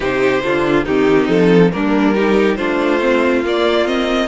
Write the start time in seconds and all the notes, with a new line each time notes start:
0.00 C3 D#4 G4 C5
0.42 D3 D4 F4
0.85 D#3 C4 D#4 G4
1.28 F3 A4
1.71 G3 A#3 D4 A#4
2.14 D#4 G4
2.55 A3 D4 F4 C5
3.00 C4
3.44 A#3 D5
3.85 C4 D#5